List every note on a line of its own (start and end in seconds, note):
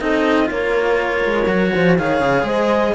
0.00 0.50 C4
0.00 0.45 D#4
0.00 0.50 A4
0.00 0.49 D#5
0.45 1.24 A#3
0.45 1.43 F4
0.45 1.73 A#4
0.51 1.98 C#5
1.25 1.47 G#3
1.47 1.71 F#3
1.47 1.97 F#4
1.74 1.99 F3
1.74 1.99 C5
1.97 2.21 D#3
1.97 2.95 G#4
1.97 2.45 C#5
1.97 2.46 F5
2.21 2.43 C#3
2.43 2.92 G#3
2.43 2.94 C5
2.43 2.95 D#5